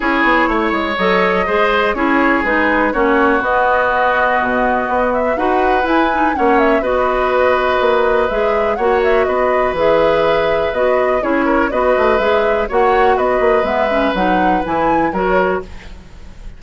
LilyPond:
<<
  \new Staff \with { instrumentName = "flute" } { \time 4/4 \tempo 4 = 123 cis''2 dis''2 | cis''4 b'4 cis''4 dis''4~ | dis''2~ dis''8 e''8 fis''4 | gis''4 fis''8 e''8 dis''2~ |
dis''4 e''4 fis''8 e''8 dis''4 | e''2 dis''4 cis''4 | dis''4 e''4 fis''4 dis''4 | e''4 fis''4 gis''4 cis''4 | }
  \new Staff \with { instrumentName = "oboe" } { \time 4/4 gis'4 cis''2 c''4 | gis'2 fis'2~ | fis'2. b'4~ | b'4 cis''4 b'2~ |
b'2 cis''4 b'4~ | b'2. gis'8 ais'8 | b'2 cis''4 b'4~ | b'2. ais'4 | }
  \new Staff \with { instrumentName = "clarinet" } { \time 4/4 e'2 a'4 gis'4 | e'4 dis'4 cis'4 b4~ | b2. fis'4 | e'8 dis'8 cis'4 fis'2~ |
fis'4 gis'4 fis'2 | gis'2 fis'4 e'4 | fis'4 gis'4 fis'2 | b8 cis'8 dis'4 e'4 fis'4 | }
  \new Staff \with { instrumentName = "bassoon" } { \time 4/4 cis'8 b8 a8 gis8 fis4 gis4 | cis'4 gis4 ais4 b4~ | b4 b,4 b4 dis'4 | e'4 ais4 b2 |
ais4 gis4 ais4 b4 | e2 b4 cis'4 | b8 a8 gis4 ais4 b8 ais8 | gis4 fis4 e4 fis4 | }
>>